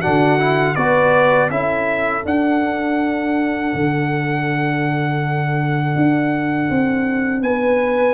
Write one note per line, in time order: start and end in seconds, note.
0.00 0.76 D3
0.00 0.39 D4
0.00 0.74 F#4
0.00 0.75 F#5
0.39 0.76 E4
0.75 1.50 B3
0.75 1.51 F#4
0.75 1.51 B4
0.75 1.49 D5
1.50 2.24 C#4
1.50 2.23 E4
1.50 7.43 A4
1.50 2.24 E5
2.23 8.14 D4
2.23 3.73 D4
2.23 7.43 F#5
3.74 5.95 D3
5.95 6.69 D4
6.70 7.41 C4
7.41 8.14 B3
7.41 8.14 B4
7.41 8.14 G#5